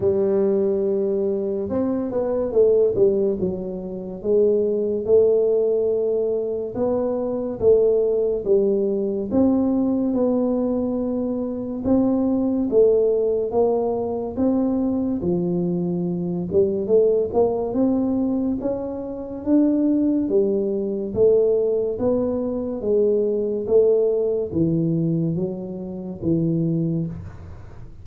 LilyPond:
\new Staff \with { instrumentName = "tuba" } { \time 4/4 \tempo 4 = 71 g2 c'8 b8 a8 g8 | fis4 gis4 a2 | b4 a4 g4 c'4 | b2 c'4 a4 |
ais4 c'4 f4. g8 | a8 ais8 c'4 cis'4 d'4 | g4 a4 b4 gis4 | a4 e4 fis4 e4 | }